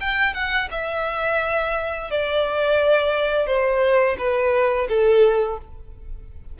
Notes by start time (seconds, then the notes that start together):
0.00 G5
0.34 F#5
0.71 E5
2.11 D5
3.47 C5
4.18 B4
4.88 A4